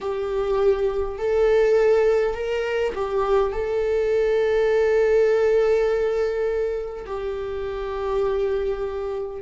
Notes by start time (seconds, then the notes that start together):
0.01 G4
1.18 A4
2.34 A#4
2.94 G4
3.52 A4
7.06 G4